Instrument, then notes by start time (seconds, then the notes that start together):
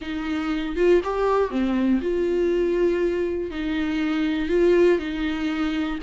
viola
0.01 D#4
0.76 F4
1.03 G4
1.50 C4
2.01 F4
3.50 D#4
4.48 F4
4.99 D#4